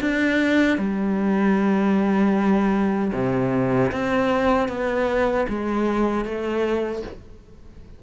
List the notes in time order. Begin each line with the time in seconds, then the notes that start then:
0.00 D4
0.78 G3
3.13 C3
3.91 C4
4.68 B3
5.49 G#3
6.24 A3